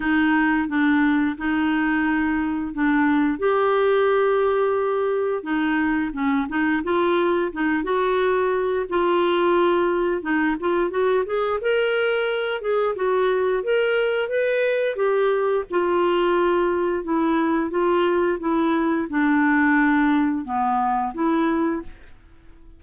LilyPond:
\new Staff \with { instrumentName = "clarinet" } { \time 4/4 \tempo 4 = 88 dis'4 d'4 dis'2 | d'4 g'2. | dis'4 cis'8 dis'8 f'4 dis'8 fis'8~ | fis'4 f'2 dis'8 f'8 |
fis'8 gis'8 ais'4. gis'8 fis'4 | ais'4 b'4 g'4 f'4~ | f'4 e'4 f'4 e'4 | d'2 b4 e'4 | }